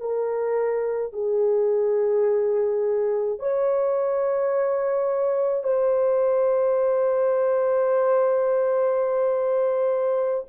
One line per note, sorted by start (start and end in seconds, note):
0.00 1.13 A#4
1.13 3.39 G#4
3.39 5.63 C#5
5.63 10.45 C5